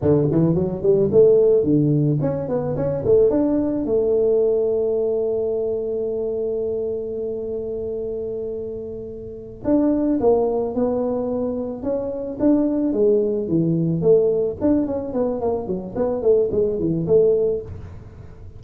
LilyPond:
\new Staff \with { instrumentName = "tuba" } { \time 4/4 \tempo 4 = 109 d8 e8 fis8 g8 a4 d4 | cis'8 b8 cis'8 a8 d'4 a4~ | a1~ | a1~ |
a4. d'4 ais4 b8~ | b4. cis'4 d'4 gis8~ | gis8 e4 a4 d'8 cis'8 b8 | ais8 fis8 b8 a8 gis8 e8 a4 | }